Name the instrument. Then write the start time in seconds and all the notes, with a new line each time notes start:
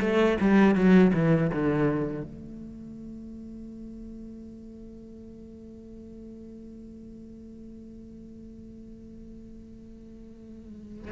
cello
0.00 A3
0.40 G3
0.74 F#3
1.13 E3
1.50 D3
2.23 A3